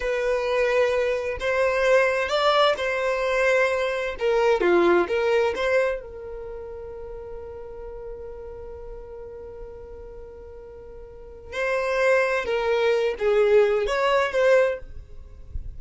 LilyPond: \new Staff \with { instrumentName = "violin" } { \time 4/4 \tempo 4 = 130 b'2. c''4~ | c''4 d''4 c''2~ | c''4 ais'4 f'4 ais'4 | c''4 ais'2.~ |
ais'1~ | ais'1~ | ais'4 c''2 ais'4~ | ais'8 gis'4. cis''4 c''4 | }